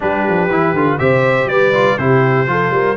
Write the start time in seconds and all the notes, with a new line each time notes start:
0.00 G3 D4 G4 B4
0.28 F3
0.49 E3 E4
0.73 D3 F4
0.99 C3 G4 C5 E5
1.45 G3 B4 D5
1.73 F4
1.97 C3 E4 G4 C5
2.46 F3 F4 A4
2.70 G3 A#4